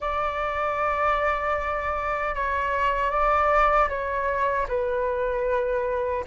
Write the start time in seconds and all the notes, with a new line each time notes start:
0.00 D5
2.34 C#5
3.10 D5
3.88 C#5
4.68 B4